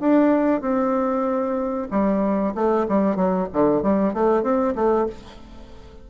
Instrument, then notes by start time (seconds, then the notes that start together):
bassoon
0.00 D4
0.61 C4
1.91 G3
2.55 A3
2.89 G3
3.16 F#3
3.53 D3
3.83 G3
4.14 A3
4.43 C4
4.76 A3